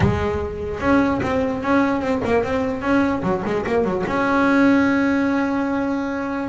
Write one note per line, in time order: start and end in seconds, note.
0.00 0.79 G#3
0.79 1.20 C#4
1.22 1.62 C4
1.62 2.01 C#4
2.01 2.21 C4
2.24 2.43 A#3
2.43 2.81 C4
2.81 3.22 C#4
3.22 3.43 F#3
3.45 3.65 G#3
3.66 3.84 A#3
3.84 4.04 F#3
4.06 6.48 C#4